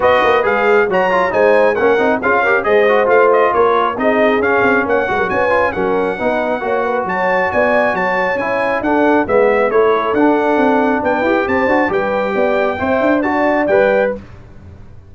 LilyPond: <<
  \new Staff \with { instrumentName = "trumpet" } { \time 4/4 \tempo 4 = 136 dis''4 f''4 ais''4 gis''4 | fis''4 f''4 dis''4 f''8 dis''8 | cis''4 dis''4 f''4 fis''4 | gis''4 fis''2. |
a''4 gis''4 a''4 gis''4 | fis''4 e''4 cis''4 fis''4~ | fis''4 g''4 a''4 g''4~ | g''2 a''4 g''4 | }
  \new Staff \with { instrumentName = "horn" } { \time 4/4 b'2 cis''4 c''4 | ais'4 gis'8 ais'8 c''2 | ais'4 gis'2 cis''8 b'16 ais'16 | b'4 ais'4 b'4 cis''8 b'8 |
cis''4 d''4 cis''2 | a'4 b'4 a'2~ | a'4 b'4 c''4 b'4 | d''4 e''4 d''2 | }
  \new Staff \with { instrumentName = "trombone" } { \time 4/4 fis'4 gis'4 fis'8 f'8 dis'4 | cis'8 dis'8 f'8 g'8 gis'8 fis'8 f'4~ | f'4 dis'4 cis'4. fis'8~ | fis'8 f'8 cis'4 dis'4 fis'4~ |
fis'2. e'4 | d'4 b4 e'4 d'4~ | d'4. g'4 fis'8 g'4~ | g'4 c''4 fis'4 b'4 | }
  \new Staff \with { instrumentName = "tuba" } { \time 4/4 b8 ais8 gis4 fis4 gis4 | ais8 c'8 cis'4 gis4 a4 | ais4 c'4 cis'8 c'8 ais8 gis16 fis16 | cis'4 fis4 b4 ais4 |
fis4 b4 fis4 cis'4 | d'4 gis4 a4 d'4 | c'4 b8 e'8 c'8 d'8 g4 | b4 c'8 d'4. g4 | }
>>